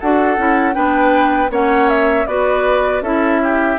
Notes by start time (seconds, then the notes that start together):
0.00 D4 F#4 A4 F#5
0.38 C#4 E4
0.74 B3 D4 B4 G5
1.50 A#3 C#4 C#5 F#5
1.89 E5
2.27 B3 F#4 B4 D5
3.02 C#4 E4 A4 E5
3.43 G4